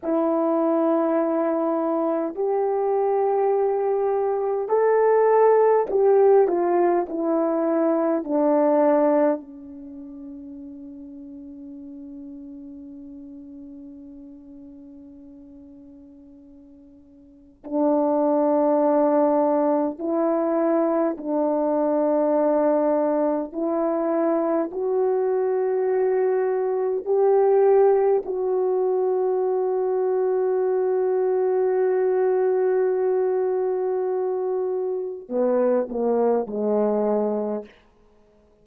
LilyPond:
\new Staff \with { instrumentName = "horn" } { \time 4/4 \tempo 4 = 51 e'2 g'2 | a'4 g'8 f'8 e'4 d'4 | cis'1~ | cis'2. d'4~ |
d'4 e'4 d'2 | e'4 fis'2 g'4 | fis'1~ | fis'2 b8 ais8 gis4 | }